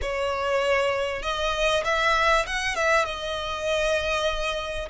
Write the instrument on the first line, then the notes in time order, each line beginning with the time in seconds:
violin
0.01 C#5
1.22 D#5
1.84 E5
2.46 F#5
2.75 E5
3.05 D#5